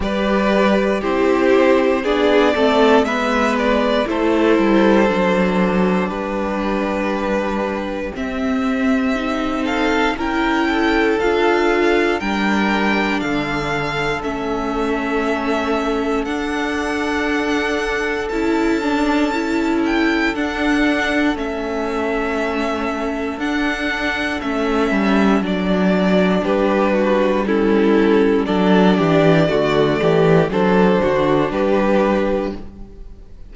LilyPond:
<<
  \new Staff \with { instrumentName = "violin" } { \time 4/4 \tempo 4 = 59 d''4 c''4 d''4 e''8 d''8 | c''2 b'2 | e''4. f''8 g''4 f''4 | g''4 f''4 e''2 |
fis''2 a''4. g''8 | fis''4 e''2 fis''4 | e''4 d''4 b'4 a'4 | d''2 c''4 b'4 | }
  \new Staff \with { instrumentName = "violin" } { \time 4/4 b'4 g'4 gis'8 a'8 b'4 | a'2 g'2~ | g'4. a'8 ais'8 a'4. | ais'4 a'2.~ |
a'1~ | a'1~ | a'2 g'8 fis'8 e'4 | a'8 g'8 fis'8 g'8 a'8 fis'8 g'4 | }
  \new Staff \with { instrumentName = "viola" } { \time 4/4 g'4 e'4 d'8 c'8 b4 | e'4 d'2. | c'4 dis'4 e'4 f'4 | d'2 cis'2 |
d'2 e'8 d'8 e'4 | d'4 cis'2 d'4 | cis'4 d'2 cis'4 | d'4 a4 d'2 | }
  \new Staff \with { instrumentName = "cello" } { \time 4/4 g4 c'4 b8 a8 gis4 | a8 g8 fis4 g2 | c'2 cis'4 d'4 | g4 d4 a2 |
d'2 cis'2 | d'4 a2 d'4 | a8 g8 fis4 g2 | fis8 e8 d8 e8 fis8 d8 g4 | }
>>